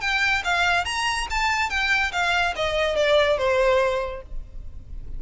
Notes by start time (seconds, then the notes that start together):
0.00 G5
0.44 F5
0.84 A#5
1.30 A5
1.70 G5
2.12 F5
2.56 D#5
2.95 D5
3.38 C5